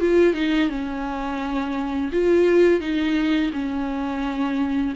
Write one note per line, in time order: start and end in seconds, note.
0.00 0.34 F4
0.34 0.69 D#4
0.69 2.10 C#4
2.12 2.80 F4
2.80 3.51 D#4
3.53 4.94 C#4